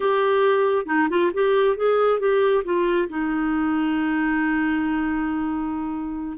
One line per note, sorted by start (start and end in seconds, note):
0.00 0.86 G4
0.86 1.08 D#4
1.09 1.31 F4
1.33 1.76 G4
1.76 2.19 G#4
2.19 2.63 G4
2.64 3.08 F4
3.08 6.37 D#4